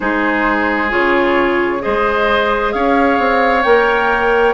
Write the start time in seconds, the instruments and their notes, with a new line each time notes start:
0.00 bassoon G#3, clarinet D#4, oboe G#4, flute C5
0.90 bassoon C#3, clarinet F4, flute C#5
1.80 clarinet G#4, oboe C5, flute D#5
1.86 bassoon G#3
2.72 bassoon C#4, oboe C#5, flute F5
3.19 bassoon C4
3.62 bassoon A#3, clarinet A#4, flute G5